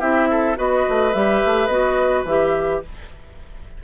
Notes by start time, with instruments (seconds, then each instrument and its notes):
0.00 bassoon C4, clarinet E4, oboe G4, flute E5
0.31 oboe A4
0.56 bassoon B3, clarinet F#4, oboe B4, flute D#5
0.89 bassoon A3
1.13 bassoon G3, clarinet G4, flute E5
1.46 bassoon A3
1.67 bassoon B3, clarinet F#4, flute D#5
2.25 bassoon E3, clarinet G4, flute E5